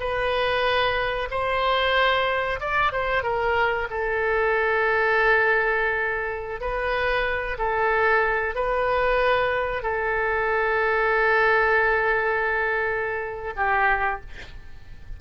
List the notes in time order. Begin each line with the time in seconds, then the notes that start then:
0.00 B4
1.31 C5
2.61 D5
2.93 C5
3.23 A#4
3.90 A4
6.61 B4
7.58 A4
8.55 B4
9.83 A4
13.56 G4